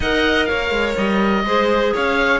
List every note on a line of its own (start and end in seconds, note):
0.00 0.47 D#4
0.00 1.45 A#4
0.00 0.48 D#5
0.00 0.45 F#5
0.45 0.70 A#3
0.45 1.44 C#5
0.45 0.93 F5
0.70 0.94 G#3
0.97 1.43 G3
0.97 1.94 D#5
1.43 1.92 G#3
1.43 2.39 G#4
1.43 1.93 C5
1.93 2.39 C#4
1.93 2.39 C#5
1.93 2.39 F5